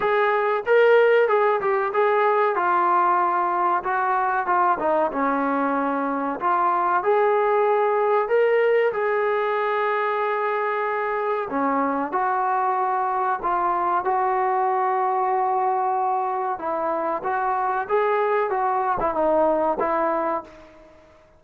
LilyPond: \new Staff \with { instrumentName = "trombone" } { \time 4/4 \tempo 4 = 94 gis'4 ais'4 gis'8 g'8 gis'4 | f'2 fis'4 f'8 dis'8 | cis'2 f'4 gis'4~ | gis'4 ais'4 gis'2~ |
gis'2 cis'4 fis'4~ | fis'4 f'4 fis'2~ | fis'2 e'4 fis'4 | gis'4 fis'8. e'16 dis'4 e'4 | }